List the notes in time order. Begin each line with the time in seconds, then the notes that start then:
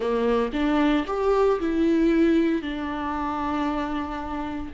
0.00 A#3
0.52 D4
1.06 G4
1.60 E4
2.62 D4